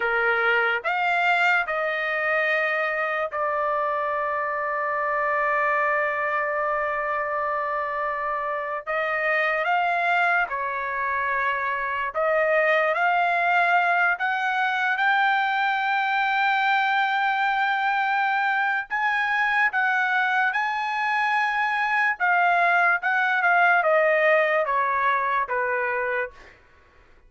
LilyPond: \new Staff \with { instrumentName = "trumpet" } { \time 4/4 \tempo 4 = 73 ais'4 f''4 dis''2 | d''1~ | d''2~ d''8. dis''4 f''16~ | f''8. cis''2 dis''4 f''16~ |
f''4~ f''16 fis''4 g''4.~ g''16~ | g''2. gis''4 | fis''4 gis''2 f''4 | fis''8 f''8 dis''4 cis''4 b'4 | }